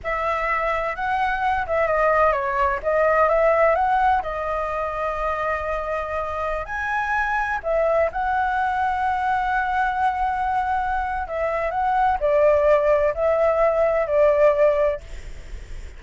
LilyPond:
\new Staff \with { instrumentName = "flute" } { \time 4/4 \tempo 4 = 128 e''2 fis''4. e''8 | dis''4 cis''4 dis''4 e''4 | fis''4 dis''2.~ | dis''2~ dis''16 gis''4.~ gis''16~ |
gis''16 e''4 fis''2~ fis''8.~ | fis''1 | e''4 fis''4 d''2 | e''2 d''2 | }